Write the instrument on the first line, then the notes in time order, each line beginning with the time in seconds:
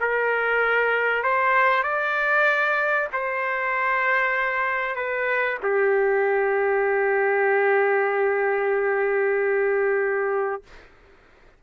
trumpet
0.00 A#4
1.23 C5
1.83 D5
3.12 C5
4.95 B4
5.63 G4